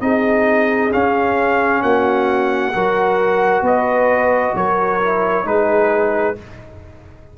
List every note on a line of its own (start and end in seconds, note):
0.00 0.91 C4
0.00 0.91 D#4
0.00 1.83 G#4
0.00 0.91 D#5
0.91 2.72 C#4
0.91 1.82 C#4
0.91 1.82 F5
1.82 2.73 A#3
1.82 2.73 F#4
1.82 3.64 F#5
2.73 3.61 F#3
2.73 5.00 F#4
2.73 3.63 A#4
3.61 4.52 B3
3.61 4.54 B4
3.61 4.55 D#5
4.54 5.44 F#3
4.54 5.45 A#4
4.54 5.46 C#5
5.01 5.44 E4
5.44 6.35 G#3
5.44 6.35 D#4
5.44 6.36 G#4
5.44 6.37 B4